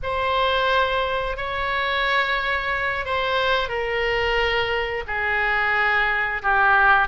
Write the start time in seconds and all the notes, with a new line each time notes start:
0.02 C5
1.37 C#5
3.05 C5
3.68 A#4
5.07 G#4
6.42 G4